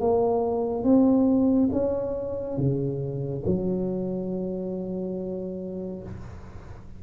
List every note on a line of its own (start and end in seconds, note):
0.00 0.83 A#3
0.83 1.69 C4
1.72 2.57 C#4
2.57 3.43 C#3
3.46 6.03 F#3